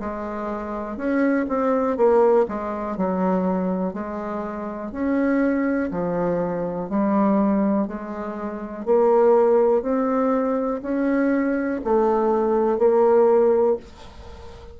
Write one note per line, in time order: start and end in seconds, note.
0.00 0.97 G#3
0.97 1.46 C#4
1.48 1.97 C4
1.97 2.46 A#3
2.49 2.97 G#3
2.97 3.93 F#3
3.93 4.92 G#3
4.92 5.90 C#4
5.91 6.89 F3
6.89 7.87 G3
7.87 8.85 G#3
8.85 9.82 A#3
9.82 10.81 C4
10.82 11.81 C#4
11.84 12.78 A3
12.78 13.77 A#3